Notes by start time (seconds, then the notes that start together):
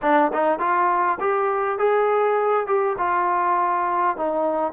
0.02 D4
0.33 D#4
0.59 F4
1.20 G4
1.78 G#4
2.66 G4
2.97 F4
4.17 D#4